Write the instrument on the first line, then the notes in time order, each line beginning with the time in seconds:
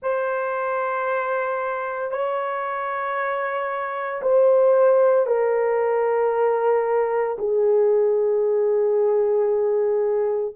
horn
0.02 C5
2.11 C#5
4.22 C5
5.26 A#4
7.38 G#4